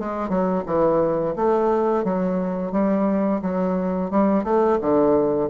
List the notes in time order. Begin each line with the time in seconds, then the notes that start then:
0.00 G#3
0.29 F#3
0.67 E3
1.36 A3
2.05 F#3
2.72 G3
3.42 F#3
4.11 G3
4.45 A3
4.81 D3